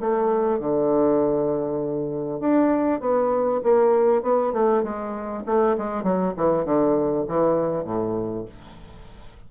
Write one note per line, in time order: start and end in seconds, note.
0.00 0.60 A3
0.60 2.40 D3
2.40 3.01 D4
3.01 3.61 B3
3.63 4.23 A#3
4.23 4.53 B3
4.53 4.83 A3
4.83 5.44 G#3
5.46 5.76 A3
5.78 6.03 G#3
6.03 6.34 F#3
6.37 6.65 E3
6.65 7.26 D3
7.28 7.85 E3
7.85 8.45 A2